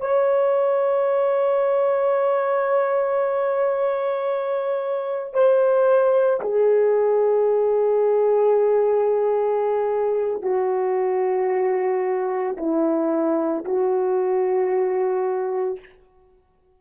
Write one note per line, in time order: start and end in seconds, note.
0.00 5.33 C#5
5.33 6.40 C5
6.41 10.42 G#4
10.42 12.56 F#4
12.57 13.65 E4
13.65 15.79 F#4